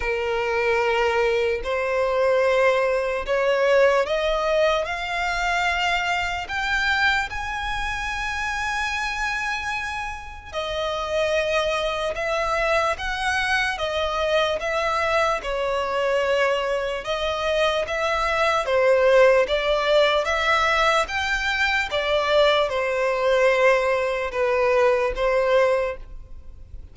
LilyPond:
\new Staff \with { instrumentName = "violin" } { \time 4/4 \tempo 4 = 74 ais'2 c''2 | cis''4 dis''4 f''2 | g''4 gis''2.~ | gis''4 dis''2 e''4 |
fis''4 dis''4 e''4 cis''4~ | cis''4 dis''4 e''4 c''4 | d''4 e''4 g''4 d''4 | c''2 b'4 c''4 | }